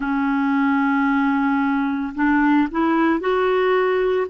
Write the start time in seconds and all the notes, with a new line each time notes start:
0.00 C#4
2.14 D4
2.71 E4
3.19 F#4